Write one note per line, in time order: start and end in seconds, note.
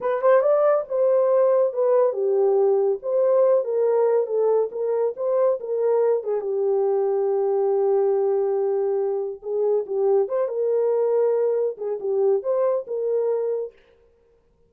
0.00 0.21 B4
0.21 0.41 C5
0.41 0.84 D5
0.88 1.73 C5
1.73 2.12 B4
2.12 2.98 G4
3.02 3.64 C5
3.64 4.26 A#4
4.26 4.69 A4
4.71 5.14 A#4
5.16 5.59 C5
5.59 6.23 A#4
6.23 6.40 G#4
6.40 9.40 G4
9.42 9.85 G#4
9.86 10.28 G4
10.28 10.48 C5
10.48 11.76 A#4
11.77 11.98 G#4
12.00 12.42 G4
12.42 12.85 C5
12.87 13.72 A#4